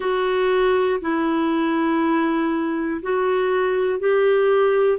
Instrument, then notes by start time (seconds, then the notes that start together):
clarinet
0.00 F#4
1.01 E4
3.02 F#4
4.00 G4